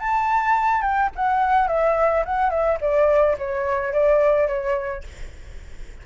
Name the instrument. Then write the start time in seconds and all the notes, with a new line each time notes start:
flute
0.00 A5
0.82 G5
1.16 F#5
1.68 E5
2.26 F#5
2.50 E5
2.81 D5
3.38 C#5
3.93 D5
4.48 C#5